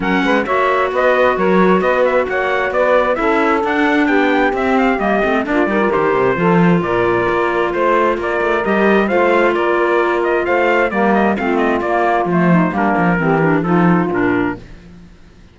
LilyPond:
<<
  \new Staff \with { instrumentName = "trumpet" } { \time 4/4 \tempo 4 = 132 fis''4 e''4 dis''4 cis''4 | dis''8 e''8 fis''4 d''4 e''4 | fis''4 g''4 e''8 f''8 dis''4 | d''4 c''2 d''4~ |
d''4 c''4 d''4 dis''4 | f''4 d''4. dis''8 f''4 | d''8 dis''8 f''8 dis''8 d''4 c''4 | ais'2 a'4 ais'4 | }
  \new Staff \with { instrumentName = "saxophone" } { \time 4/4 ais'8 b'8 cis''4 b'4 ais'4 | b'4 cis''4 b'4 a'4~ | a'4 g'2. | f'8 ais'4. a'4 ais'4~ |
ais'4 c''4 ais'2 | c''4 ais'2 c''4 | ais'4 f'2~ f'8 dis'8 | d'4 g'4 f'2 | }
  \new Staff \with { instrumentName = "clarinet" } { \time 4/4 cis'4 fis'2.~ | fis'2. e'4 | d'2 c'4 ais8 c'8 | d'8 dis'16 f'16 g'4 f'2~ |
f'2. g'4 | f'1 | ais4 c'4 ais4 a4 | ais4 c'8 d'8 dis'4 d'4 | }
  \new Staff \with { instrumentName = "cello" } { \time 4/4 fis8 gis8 ais4 b4 fis4 | b4 ais4 b4 cis'4 | d'4 b4 c'4 g8 a8 | ais8 g8 dis8 c8 f4 ais,4 |
ais4 a4 ais8 a8 g4 | a4 ais2 a4 | g4 a4 ais4 f4 | g8 f8 e4 f4 ais,4 | }
>>